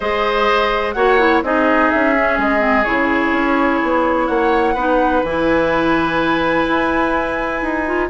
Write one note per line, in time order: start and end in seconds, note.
0.00 0.95 G#3
0.00 0.96 G#4
0.00 0.94 C5
0.00 0.92 D#5
0.92 1.42 A#3
0.92 1.19 F#4
0.92 1.43 C#5
0.92 1.40 F#5
1.19 1.43 E4
1.42 1.89 C4
1.42 2.16 D#4
1.42 4.26 G#4
1.42 1.90 D#5
1.90 2.37 C#4
1.90 2.38 E5
2.16 2.59 C#4
2.37 2.85 G#3
2.37 2.84 D#5
2.59 2.83 C4
2.84 3.32 C#3
2.84 4.76 E4
2.84 4.27 C#5
3.32 3.80 C#4
3.82 4.29 B3
4.26 4.75 A#3
4.26 4.73 C#5
4.26 5.22 F#5
4.73 5.22 B3
4.73 5.25 D#4
4.73 8.07 B4
5.23 6.66 E3
5.23 7.86 E4
5.23 8.09 G#5
6.68 7.62 E4
7.62 8.09 D#4
7.86 8.09 F4